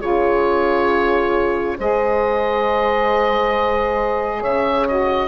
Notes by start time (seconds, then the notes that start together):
0.00 C#3 F4 G#4 C#5
1.78 G#3 G#4 C5 D#5
4.41 C#3 C#5 E5
4.88 F#4 D#5